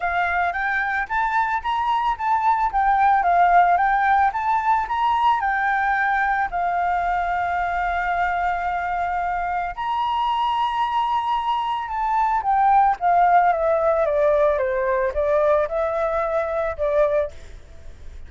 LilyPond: \new Staff \with { instrumentName = "flute" } { \time 4/4 \tempo 4 = 111 f''4 g''4 a''4 ais''4 | a''4 g''4 f''4 g''4 | a''4 ais''4 g''2 | f''1~ |
f''2 ais''2~ | ais''2 a''4 g''4 | f''4 e''4 d''4 c''4 | d''4 e''2 d''4 | }